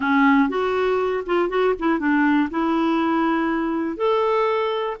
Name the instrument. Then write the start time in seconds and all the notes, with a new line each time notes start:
clarinet
0.00 C#4
0.49 F#4
1.26 F4
1.49 F#4
1.79 E4
1.99 D4
2.50 E4
3.97 A4